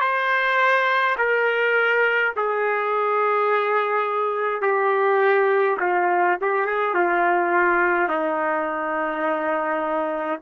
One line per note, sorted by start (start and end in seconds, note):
0.00 1.15 C5
1.17 2.33 A#4
2.36 4.62 G#4
4.62 5.77 G4
5.80 6.37 F4
6.40 6.66 G4
6.66 6.94 G#4
6.94 8.08 F4
8.08 10.39 D#4